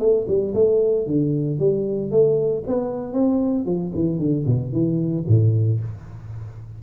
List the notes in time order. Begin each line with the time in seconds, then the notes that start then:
0.00 A3
0.28 G3
0.55 A3
1.07 D3
1.60 G3
2.11 A3
2.67 B3
3.13 C4
3.66 F3
3.95 E3
4.19 D3
4.47 B2
4.72 E3
5.28 A2